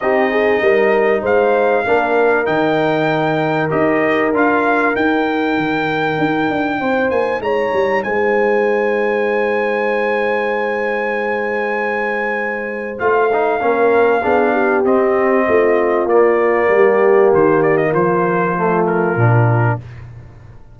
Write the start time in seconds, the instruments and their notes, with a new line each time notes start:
0.00 tuba C4, trombone D#4, horn G4, trumpet D#5
0.30 horn G#4
0.61 tuba G3, horn A#4
1.22 tuba G#3, horn C5, trumpet F5
1.85 tuba A#3, trombone D4, horn A#4
2.45 tuba D#3, trombone D#4, trumpet G5
3.69 tuba D#4, trombone G4, trumpet D#5
4.32 tuba D4, trombone F4, trumpet F5
4.94 trombone D#4, tuba D#4, trumpet G5
5.57 tuba D#3
6.18 tuba D#4
6.49 tuba D4
6.80 tuba C4, horn C5
7.10 tuba A#3, trumpet G#5
7.39 tuba G#3, horn C#5, trumpet A#5
7.73 tuba G3
8.03 tuba G#3, horn C5, trumpet G#5
12.99 tuba A3, trombone F4, trumpet F5
13.32 trombone D#4
13.59 tuba A#3, trombone C#4, horn A#4
14.22 tuba B3, trombone D4, horn G#4
14.52 horn G4
14.84 tuba C4, trombone C4, trumpet D#5
15.47 tuba A3, horn F4
16.05 tuba A#3, trombone A#3, trumpet D5
16.68 tuba G3, horn G4
17.33 tuba D#3, trumpet C5
17.62 trumpet D5
17.77 trumpet D#5
17.91 tuba F3, horn F4, trumpet C5
18.57 trombone A3
18.86 trumpet A#4
19.16 tuba A#2, trombone D4